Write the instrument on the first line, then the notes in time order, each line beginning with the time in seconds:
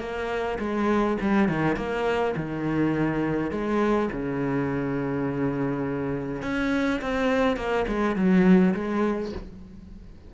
cello
0.00 A#3
0.59 G#3
1.21 G3
1.49 D#3
1.76 A#3
2.36 D#3
3.51 G#3
4.12 C#3
6.42 C#4
7.01 C4
7.56 A#3
7.88 G#3
8.16 F#3
8.74 G#3